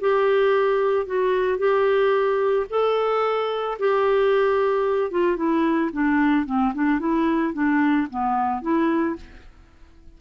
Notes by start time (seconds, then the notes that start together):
0.00 G4
1.06 F#4
1.58 G4
2.70 A4
3.79 G4
5.11 F4
5.37 E4
5.93 D4
6.46 C4
6.74 D4
7.00 E4
7.54 D4
8.10 B3
8.62 E4